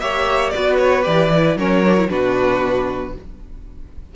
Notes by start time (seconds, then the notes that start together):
0.00 A#3 G4 C#5 E5
0.50 B3 F#4 B4 D5
0.78 C#5
1.02 E3 G4 D5
1.33 E4
1.56 F#3 C#4 A#4 C#5
1.85 D4
1.98 E4
2.09 B2 D4 F#4 B4